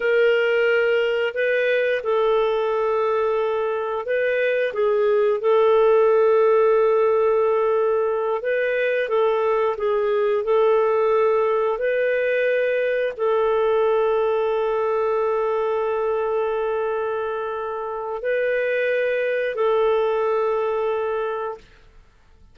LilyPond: \new Staff \with { instrumentName = "clarinet" } { \time 4/4 \tempo 4 = 89 ais'2 b'4 a'4~ | a'2 b'4 gis'4 | a'1~ | a'8 b'4 a'4 gis'4 a'8~ |
a'4. b'2 a'8~ | a'1~ | a'2. b'4~ | b'4 a'2. | }